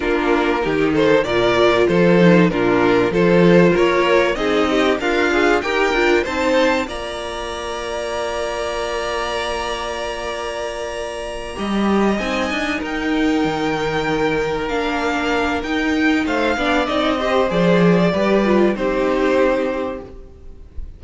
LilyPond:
<<
  \new Staff \with { instrumentName = "violin" } { \time 4/4 \tempo 4 = 96 ais'4. c''8 d''4 c''4 | ais'4 c''4 cis''4 dis''4 | f''4 g''4 a''4 ais''4~ | ais''1~ |
ais''2.~ ais''8 gis''8~ | gis''8 g''2. f''8~ | f''4 g''4 f''4 dis''4 | d''2 c''2 | }
  \new Staff \with { instrumentName = "violin" } { \time 4/4 f'4 g'8 a'8 ais'4 a'4 | f'4 a'4 ais'4 gis'8 g'8 | f'4 ais'4 c''4 d''4~ | d''1~ |
d''2~ d''8 dis''4.~ | dis''8 ais'2.~ ais'8~ | ais'2 c''8 d''4 c''8~ | c''4 b'4 g'2 | }
  \new Staff \with { instrumentName = "viola" } { \time 4/4 d'4 dis'4 f'4. dis'8 | d'4 f'2 dis'4 | ais'8 gis'8 g'8 f'8 dis'4 f'4~ | f'1~ |
f'2~ f'8 g'4 dis'8~ | dis'2.~ dis'8 d'8~ | d'4 dis'4. d'8 dis'8 g'8 | gis'4 g'8 f'8 dis'2 | }
  \new Staff \with { instrumentName = "cello" } { \time 4/4 ais4 dis4 ais,4 f4 | ais,4 f4 ais4 c'4 | d'4 dis'8 d'8 c'4 ais4~ | ais1~ |
ais2~ ais8 g4 c'8 | d'8 dis'4 dis2 ais8~ | ais4 dis'4 a8 b8 c'4 | f4 g4 c'2 | }
>>